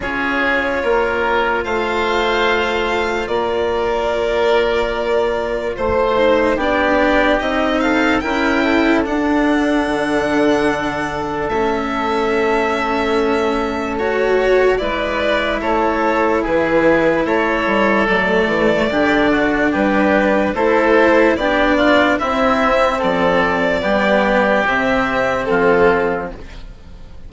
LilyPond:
<<
  \new Staff \with { instrumentName = "violin" } { \time 4/4 \tempo 4 = 73 cis''2 f''2 | d''2. c''4 | d''4 dis''8 f''8 g''4 fis''4~ | fis''2 e''2~ |
e''4 cis''4 d''4 cis''4 | b'4 cis''4 d''2 | b'4 c''4 d''4 e''4 | d''2 e''4 a'4 | }
  \new Staff \with { instrumentName = "oboe" } { \time 4/4 gis'4 ais'4 c''2 | ais'2. c''4 | g'4. a'8 ais'8 a'4.~ | a'1~ |
a'2 b'4 a'4 | gis'4 a'2 g'8 fis'8 | g'4 a'4 g'8 f'8 e'4 | a'4 g'2 f'4 | }
  \new Staff \with { instrumentName = "cello" } { \time 4/4 f'1~ | f'2.~ f'8 dis'8 | d'4 dis'4 e'4 d'4~ | d'2 cis'2~ |
cis'4 fis'4 e'2~ | e'2 a4 d'4~ | d'4 e'4 d'4 c'4~ | c'4 b4 c'2 | }
  \new Staff \with { instrumentName = "bassoon" } { \time 4/4 cis'4 ais4 a2 | ais2. a4 | b4 c'4 cis'4 d'4 | d2 a2~ |
a2 gis4 a4 | e4 a8 g8 fis8 e8 d4 | g4 a4 b4 c'4 | f4 g4 c4 f4 | }
>>